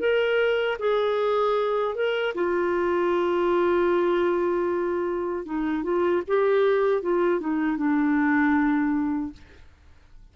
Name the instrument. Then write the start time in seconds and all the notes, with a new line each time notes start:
clarinet
0.00 A#4
0.80 G#4
1.96 A#4
2.35 F4
5.46 D#4
5.84 F4
6.28 G4
7.03 F4
7.41 D#4
7.77 D4